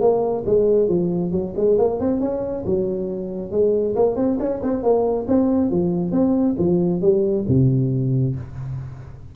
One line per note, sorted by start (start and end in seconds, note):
0.00 0.44 A#3
0.46 0.88 G#3
0.88 1.31 F3
1.31 1.53 F#3
1.56 1.78 G#3
1.78 2.00 A#3
2.00 2.20 C4
2.20 2.64 C#4
2.65 3.51 F#3
3.51 3.95 G#3
3.95 4.16 A#3
4.16 4.38 C4
4.39 4.61 C#4
4.62 4.82 C4
4.82 5.26 A#3
5.28 5.71 C4
5.71 6.11 F3
6.11 6.55 C4
6.58 7.01 F3
7.01 7.45 G3
7.48 8.35 C3